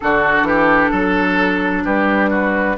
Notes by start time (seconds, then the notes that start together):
0.00 D3 D4 F#4 A4
0.42 E3 G4
0.90 F#3 A4
1.84 G3 G4 B4
2.30 F#4